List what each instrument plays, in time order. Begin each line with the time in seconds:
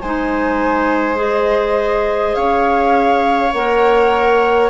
0.00 bassoon G#3, clarinet D#4, viola C5, flute G#5
1.15 clarinet G#4, flute D#5
2.35 bassoon C#4, viola C#5, flute F5
3.53 bassoon A#3, clarinet A#4, flute F#5